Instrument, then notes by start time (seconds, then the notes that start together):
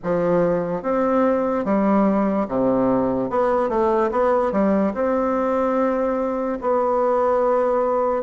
bassoon
0.03 F3
0.82 C4
1.64 G3
2.47 C3
3.30 B3
3.69 A3
4.11 B3
4.52 G3
4.94 C4
6.61 B3